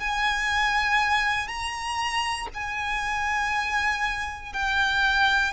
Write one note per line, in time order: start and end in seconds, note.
0.00 1.48 G#5
1.48 2.48 A#5
2.54 4.53 G#5
4.53 5.53 G5